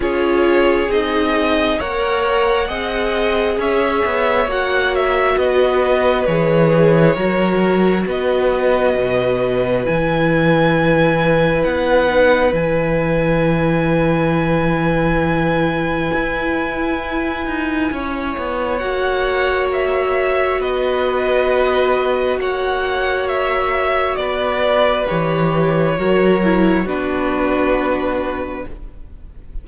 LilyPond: <<
  \new Staff \with { instrumentName = "violin" } { \time 4/4 \tempo 4 = 67 cis''4 dis''4 fis''2 | e''4 fis''8 e''8 dis''4 cis''4~ | cis''4 dis''2 gis''4~ | gis''4 fis''4 gis''2~ |
gis''1~ | gis''4 fis''4 e''4 dis''4~ | dis''4 fis''4 e''4 d''4 | cis''2 b'2 | }
  \new Staff \with { instrumentName = "violin" } { \time 4/4 gis'2 cis''4 dis''4 | cis''2 b'2 | ais'4 b'2.~ | b'1~ |
b'1 | cis''2. b'4~ | b'4 cis''2 b'4~ | b'4 ais'4 fis'2 | }
  \new Staff \with { instrumentName = "viola" } { \time 4/4 f'4 dis'4 ais'4 gis'4~ | gis'4 fis'2 gis'4 | fis'2. e'4~ | e'4. dis'8 e'2~ |
e'1~ | e'4 fis'2.~ | fis'1 | g'4 fis'8 e'8 d'2 | }
  \new Staff \with { instrumentName = "cello" } { \time 4/4 cis'4 c'4 ais4 c'4 | cis'8 b8 ais4 b4 e4 | fis4 b4 b,4 e4~ | e4 b4 e2~ |
e2 e'4. dis'8 | cis'8 b8 ais2 b4~ | b4 ais2 b4 | e4 fis4 b2 | }
>>